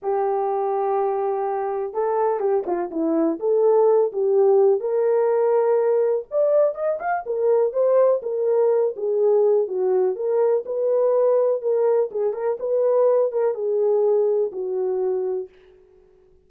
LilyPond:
\new Staff \with { instrumentName = "horn" } { \time 4/4 \tempo 4 = 124 g'1 | a'4 g'8 f'8 e'4 a'4~ | a'8 g'4. ais'2~ | ais'4 d''4 dis''8 f''8 ais'4 |
c''4 ais'4. gis'4. | fis'4 ais'4 b'2 | ais'4 gis'8 ais'8 b'4. ais'8 | gis'2 fis'2 | }